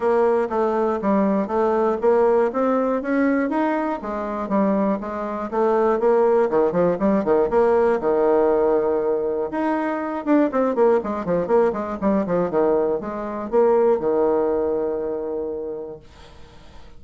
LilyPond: \new Staff \with { instrumentName = "bassoon" } { \time 4/4 \tempo 4 = 120 ais4 a4 g4 a4 | ais4 c'4 cis'4 dis'4 | gis4 g4 gis4 a4 | ais4 dis8 f8 g8 dis8 ais4 |
dis2. dis'4~ | dis'8 d'8 c'8 ais8 gis8 f8 ais8 gis8 | g8 f8 dis4 gis4 ais4 | dis1 | }